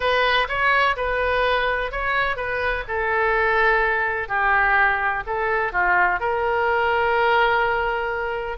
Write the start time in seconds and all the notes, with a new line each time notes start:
0.00 B4
0.48 C#5
0.96 B4
1.91 C#5
2.36 B4
2.88 A4
4.28 G4
5.26 A4
5.72 F4
6.20 A#4